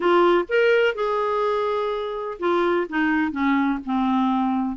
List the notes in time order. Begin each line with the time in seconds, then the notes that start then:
0.00 F4
0.48 A#4
0.95 G#4
2.39 F4
2.89 D#4
3.31 C#4
3.85 C4